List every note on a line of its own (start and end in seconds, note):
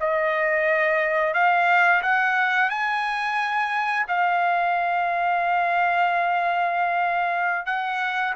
0.00 1.34 D#5
1.34 2.02 F5
2.02 2.70 F#5
2.70 4.06 G#5
4.08 7.65 F5
7.66 8.34 F#5